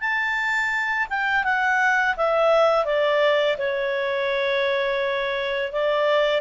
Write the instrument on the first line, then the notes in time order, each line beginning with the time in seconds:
clarinet
0.00 A5
1.09 G5
1.44 F#5
2.17 E5
2.85 D5
3.58 C#5
5.72 D5